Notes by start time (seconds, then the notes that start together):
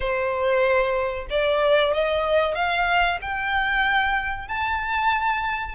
0.00 C5
1.30 D5
1.93 D#5
2.54 F5
3.21 G5
4.47 A5